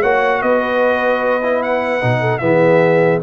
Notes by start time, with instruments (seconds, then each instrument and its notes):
0.00 tuba A#3, trombone F#4, horn C#5, trumpet F#5
0.42 tuba B3, horn B4, trumpet D#5
1.42 trombone E4
1.62 trumpet F#5
2.01 tuba B2, trombone D#4
2.20 horn A4
2.38 tuba E3, trombone B3, horn G#4, trumpet E5